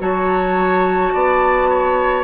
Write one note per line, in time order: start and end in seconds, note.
0.00 1.14 F#3
0.00 2.24 F#4
0.00 1.14 C#5
0.00 2.24 A5
1.14 2.24 B3
1.14 1.70 D5
1.70 2.24 C#5